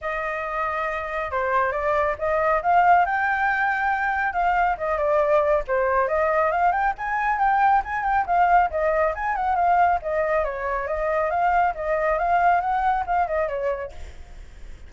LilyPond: \new Staff \with { instrumentName = "flute" } { \time 4/4 \tempo 4 = 138 dis''2. c''4 | d''4 dis''4 f''4 g''4~ | g''2 f''4 dis''8 d''8~ | d''4 c''4 dis''4 f''8 g''8 |
gis''4 g''4 gis''8 g''8 f''4 | dis''4 gis''8 fis''8 f''4 dis''4 | cis''4 dis''4 f''4 dis''4 | f''4 fis''4 f''8 dis''8 cis''4 | }